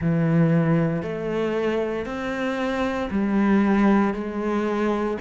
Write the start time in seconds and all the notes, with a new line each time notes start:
0.01 E3
1.02 A3
2.05 C4
3.10 G3
4.14 G#3